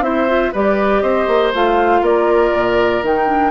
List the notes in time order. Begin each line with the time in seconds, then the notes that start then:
0.00 C4 E4 C5 E5
0.27 F4
0.52 G3 G4 B4 D5
1.01 C4 C5 D#5
1.27 A#3
1.53 A3 F4 F5
2.01 A#3 A#4 D5
2.53 A#2
3.02 D#3 D#4 G5
3.27 D4